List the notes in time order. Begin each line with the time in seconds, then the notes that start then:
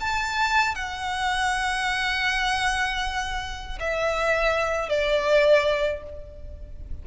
0.00 A5
0.75 F#5
3.80 E5
4.89 D5